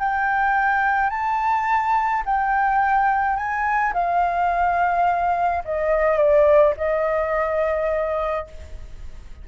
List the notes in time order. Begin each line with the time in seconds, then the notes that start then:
0.00 G5
1.10 A5
2.26 G5
3.37 G#5
3.94 F5
5.65 D#5
6.18 D5
6.77 D#5